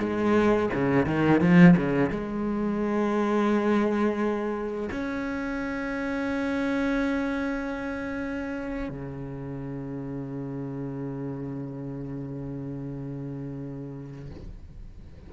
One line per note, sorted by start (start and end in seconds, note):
0.00 0.70 G#3
0.74 1.07 C#3
1.07 1.41 D#3
1.41 1.76 F3
1.77 2.11 C#3
2.11 4.90 G#3
4.92 8.90 C#4
8.90 14.30 C#3